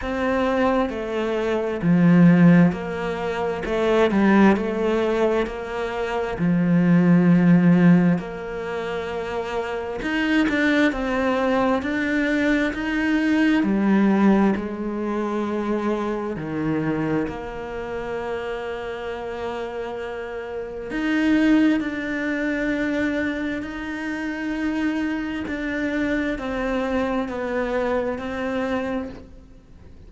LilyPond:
\new Staff \with { instrumentName = "cello" } { \time 4/4 \tempo 4 = 66 c'4 a4 f4 ais4 | a8 g8 a4 ais4 f4~ | f4 ais2 dis'8 d'8 | c'4 d'4 dis'4 g4 |
gis2 dis4 ais4~ | ais2. dis'4 | d'2 dis'2 | d'4 c'4 b4 c'4 | }